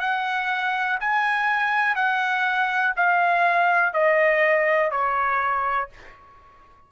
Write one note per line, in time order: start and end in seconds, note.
0.00 0.98 F#5
1.00 1.95 G#5
1.95 2.93 F#5
2.96 3.93 F5
3.93 4.91 D#5
4.91 5.89 C#5